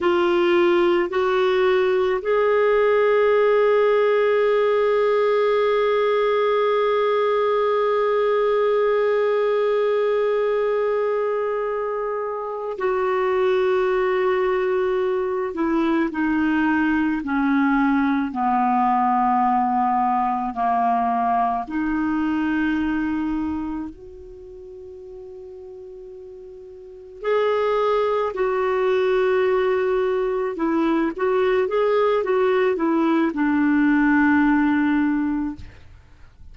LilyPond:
\new Staff \with { instrumentName = "clarinet" } { \time 4/4 \tempo 4 = 54 f'4 fis'4 gis'2~ | gis'1~ | gis'2.~ gis'8 fis'8~ | fis'2 e'8 dis'4 cis'8~ |
cis'8 b2 ais4 dis'8~ | dis'4. fis'2~ fis'8~ | fis'8 gis'4 fis'2 e'8 | fis'8 gis'8 fis'8 e'8 d'2 | }